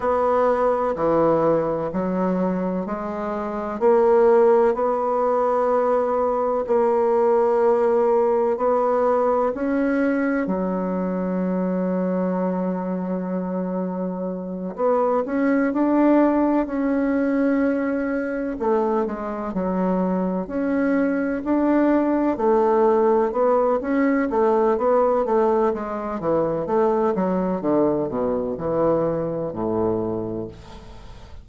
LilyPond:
\new Staff \with { instrumentName = "bassoon" } { \time 4/4 \tempo 4 = 63 b4 e4 fis4 gis4 | ais4 b2 ais4~ | ais4 b4 cis'4 fis4~ | fis2.~ fis8 b8 |
cis'8 d'4 cis'2 a8 | gis8 fis4 cis'4 d'4 a8~ | a8 b8 cis'8 a8 b8 a8 gis8 e8 | a8 fis8 d8 b,8 e4 a,4 | }